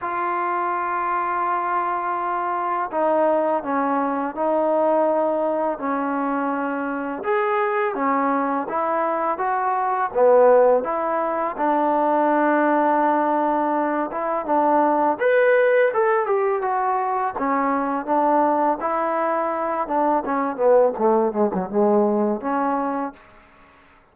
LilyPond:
\new Staff \with { instrumentName = "trombone" } { \time 4/4 \tempo 4 = 83 f'1 | dis'4 cis'4 dis'2 | cis'2 gis'4 cis'4 | e'4 fis'4 b4 e'4 |
d'2.~ d'8 e'8 | d'4 b'4 a'8 g'8 fis'4 | cis'4 d'4 e'4. d'8 | cis'8 b8 a8 gis16 fis16 gis4 cis'4 | }